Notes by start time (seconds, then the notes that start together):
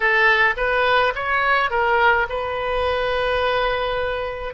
0.00 A4
0.57 B4
1.15 C#5
1.70 A#4
2.29 B4